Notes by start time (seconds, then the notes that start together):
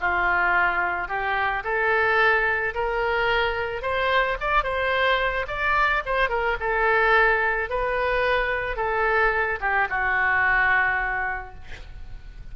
0.00 F4
1.08 G4
1.63 A4
2.74 A#4
3.82 C5
4.40 D5
4.63 C5
5.47 D5
6.05 C5
6.29 A#4
6.60 A4
7.69 B4
8.76 A4
9.60 G4
9.89 F#4